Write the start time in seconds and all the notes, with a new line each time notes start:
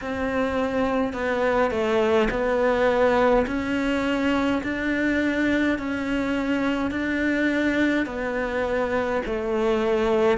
0.01 C4
1.13 B3
1.70 A3
2.30 B3
3.46 C#4
4.63 D4
5.78 C#4
6.90 D4
8.06 B3
9.25 A3